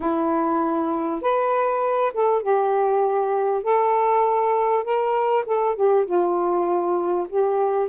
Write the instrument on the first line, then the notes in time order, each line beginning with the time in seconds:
saxophone
0.00 E4
1.21 B4
2.13 A4
2.42 G4
3.63 A4
4.83 A#4
5.46 A4
5.75 G4
6.05 F4
7.29 G4